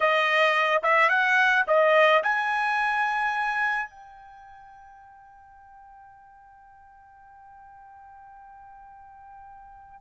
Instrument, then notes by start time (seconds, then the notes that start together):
trumpet
0.00 D#5
0.82 E5
1.09 F#5
1.67 D#5
2.23 G#5
3.89 G5